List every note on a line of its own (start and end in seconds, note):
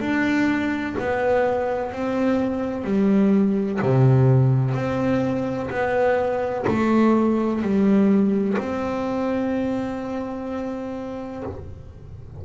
0.00 0.95 D4
1.00 1.92 B3
1.92 2.84 C4
2.84 3.79 G3
3.82 4.74 C3
4.74 5.69 C4
5.70 6.65 B3
6.67 7.62 A3
7.62 8.57 G3
8.58 11.43 C4